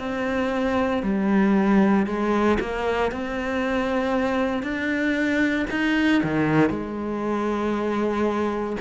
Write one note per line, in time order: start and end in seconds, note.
0.00 1.03 C4
1.03 2.07 G3
2.07 2.59 G#3
2.61 3.12 A#3
3.12 4.63 C4
4.63 5.67 D4
5.71 6.23 D#4
6.24 6.70 D#3
6.70 8.77 G#3